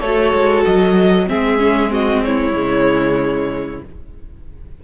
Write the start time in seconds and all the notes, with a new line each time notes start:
0.00 A3 F#4 A4 C#5
0.34 G#3
0.66 F#3 D#5
1.27 G#3 C4 G#4 E5
1.59 C#4
1.89 C4 F#4 D#5
2.24 E4 C#5
2.53 C#3 G#3